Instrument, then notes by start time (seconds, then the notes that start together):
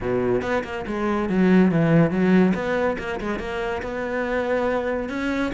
cello
0.01 B2
0.41 B3
0.63 A#3
0.86 G#3
1.29 F#3
1.71 E3
2.10 F#3
2.54 B3
2.98 A#3
3.20 G#3
3.39 A#3
3.82 B3
5.09 C#4